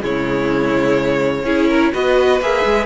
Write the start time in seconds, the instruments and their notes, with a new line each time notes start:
0.00 cello C#3, viola G#3, violin E4 C#5
1.43 cello C#4, viola E4, violin G#4
1.68 violin A#4
1.92 cello B3, viola F#4, violin B4 D#5
2.40 cello A#3, viola G#4, violin E5
2.64 cello G#3